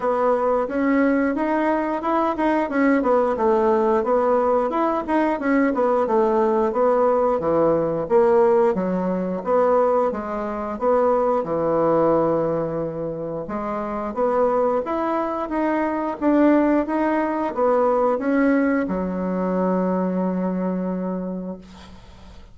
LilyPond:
\new Staff \with { instrumentName = "bassoon" } { \time 4/4 \tempo 4 = 89 b4 cis'4 dis'4 e'8 dis'8 | cis'8 b8 a4 b4 e'8 dis'8 | cis'8 b8 a4 b4 e4 | ais4 fis4 b4 gis4 |
b4 e2. | gis4 b4 e'4 dis'4 | d'4 dis'4 b4 cis'4 | fis1 | }